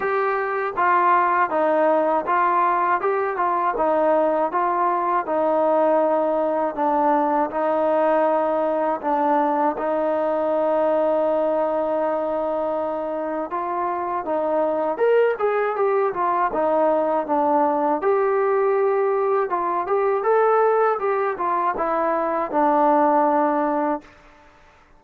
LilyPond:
\new Staff \with { instrumentName = "trombone" } { \time 4/4 \tempo 4 = 80 g'4 f'4 dis'4 f'4 | g'8 f'8 dis'4 f'4 dis'4~ | dis'4 d'4 dis'2 | d'4 dis'2.~ |
dis'2 f'4 dis'4 | ais'8 gis'8 g'8 f'8 dis'4 d'4 | g'2 f'8 g'8 a'4 | g'8 f'8 e'4 d'2 | }